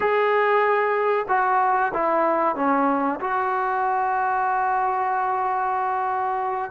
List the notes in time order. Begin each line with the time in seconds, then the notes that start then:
0.00 G#4
1.28 F#4
1.93 E4
2.55 C#4
3.20 F#4